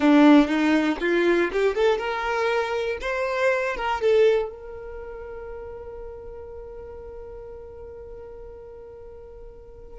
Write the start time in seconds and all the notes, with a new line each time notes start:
0.00 D4
0.47 D#4
1.00 F4
1.52 G4
1.75 A4
1.97 A#4
3.01 C5
3.76 A#4
4.01 A4
4.49 A#4